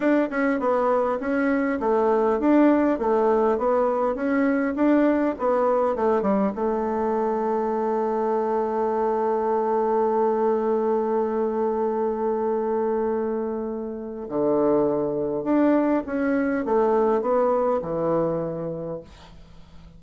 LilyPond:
\new Staff \with { instrumentName = "bassoon" } { \time 4/4 \tempo 4 = 101 d'8 cis'8 b4 cis'4 a4 | d'4 a4 b4 cis'4 | d'4 b4 a8 g8 a4~ | a1~ |
a1~ | a1 | d2 d'4 cis'4 | a4 b4 e2 | }